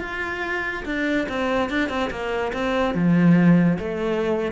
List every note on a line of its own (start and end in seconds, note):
0.00 0.84 F4
0.85 1.27 D4
1.29 1.70 C4
1.70 1.89 D4
1.89 2.10 C4
2.11 2.53 A#3
2.53 2.94 C4
2.94 3.78 F3
3.79 4.52 A3